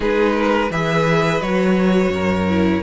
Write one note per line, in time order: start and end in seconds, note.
0.00 0.70 G#3
0.00 0.69 D#4
0.00 0.33 G#4
0.00 0.71 B4
0.35 0.70 A#4
0.70 1.40 E3
0.70 1.41 G#4
0.70 2.12 B4
0.70 1.41 E5
1.41 2.09 F#3
1.41 2.47 F#4
1.41 2.82 C#5
2.09 2.80 F#2
2.09 2.82 A#4
2.48 2.82 E4